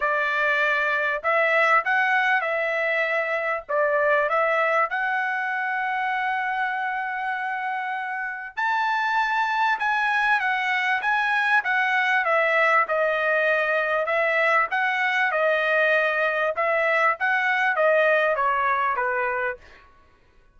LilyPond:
\new Staff \with { instrumentName = "trumpet" } { \time 4/4 \tempo 4 = 98 d''2 e''4 fis''4 | e''2 d''4 e''4 | fis''1~ | fis''2 a''2 |
gis''4 fis''4 gis''4 fis''4 | e''4 dis''2 e''4 | fis''4 dis''2 e''4 | fis''4 dis''4 cis''4 b'4 | }